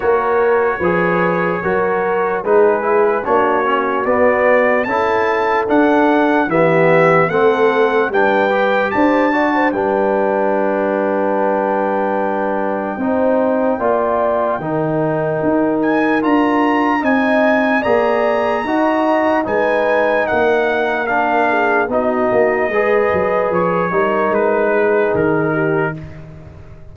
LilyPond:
<<
  \new Staff \with { instrumentName = "trumpet" } { \time 4/4 \tempo 4 = 74 cis''2. b'4 | cis''4 d''4 a''4 fis''4 | e''4 fis''4 g''4 a''4 | g''1~ |
g''2.~ g''8 gis''8 | ais''4 gis''4 ais''2 | gis''4 fis''4 f''4 dis''4~ | dis''4 cis''4 b'4 ais'4 | }
  \new Staff \with { instrumentName = "horn" } { \time 4/4 ais'4 b'4 ais'4 gis'4 | fis'2 a'2 | g'4 a'4 b'4 c''8 d''16 c''16 | b'1 |
c''4 d''4 ais'2~ | ais'4 dis''4 d''4 dis''4 | b'4 ais'4. gis'8 fis'4 | b'4. ais'4 gis'4 g'8 | }
  \new Staff \with { instrumentName = "trombone" } { \time 4/4 fis'4 gis'4 fis'4 dis'8 e'8 | d'8 cis'8 b4 e'4 d'4 | b4 c'4 d'8 g'4 fis'8 | d'1 |
dis'4 f'4 dis'2 | f'4 dis'4 gis'4 fis'4 | dis'2 d'4 dis'4 | gis'4. dis'2~ dis'8 | }
  \new Staff \with { instrumentName = "tuba" } { \time 4/4 ais4 f4 fis4 gis4 | ais4 b4 cis'4 d'4 | e4 a4 g4 d'4 | g1 |
c'4 ais4 dis4 dis'4 | d'4 c'4 ais4 dis'4 | gis4 ais2 b8 ais8 | gis8 fis8 f8 g8 gis4 dis4 | }
>>